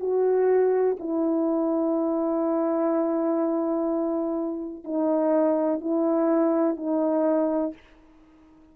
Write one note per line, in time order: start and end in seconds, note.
0.00 0.97 F#4
0.99 4.84 E4
4.84 5.81 D#4
5.81 6.77 E4
6.77 7.73 D#4